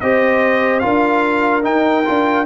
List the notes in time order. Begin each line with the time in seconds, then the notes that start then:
0.00 C4 G4 C5 D#5
0.79 D4 F4 A#4 F5
1.62 D#4 G5
2.05 D4 F4